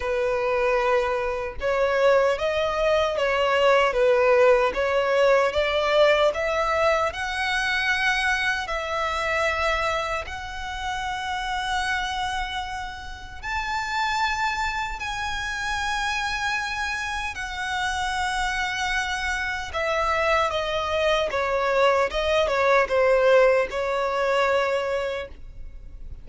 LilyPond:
\new Staff \with { instrumentName = "violin" } { \time 4/4 \tempo 4 = 76 b'2 cis''4 dis''4 | cis''4 b'4 cis''4 d''4 | e''4 fis''2 e''4~ | e''4 fis''2.~ |
fis''4 a''2 gis''4~ | gis''2 fis''2~ | fis''4 e''4 dis''4 cis''4 | dis''8 cis''8 c''4 cis''2 | }